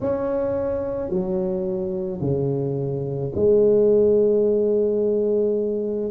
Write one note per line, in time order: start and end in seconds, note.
0.01 1.10 C#4
1.10 2.20 F#3
2.20 3.31 C#3
3.35 6.11 G#3